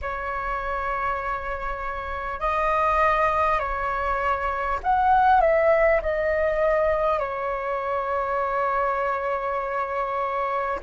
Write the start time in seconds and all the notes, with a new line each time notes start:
0.01 C#5
2.40 D#5
3.59 C#5
4.83 F#5
5.41 E5
6.02 D#5
7.19 C#5